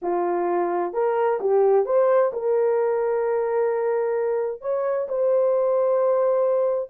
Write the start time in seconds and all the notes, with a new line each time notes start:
0.02 F4
0.93 A#4
1.40 G4
1.85 C5
2.32 A#4
4.61 C#5
5.08 C5